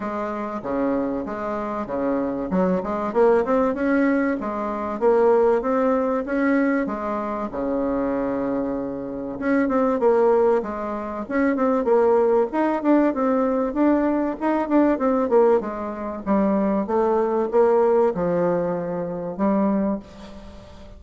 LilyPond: \new Staff \with { instrumentName = "bassoon" } { \time 4/4 \tempo 4 = 96 gis4 cis4 gis4 cis4 | fis8 gis8 ais8 c'8 cis'4 gis4 | ais4 c'4 cis'4 gis4 | cis2. cis'8 c'8 |
ais4 gis4 cis'8 c'8 ais4 | dis'8 d'8 c'4 d'4 dis'8 d'8 | c'8 ais8 gis4 g4 a4 | ais4 f2 g4 | }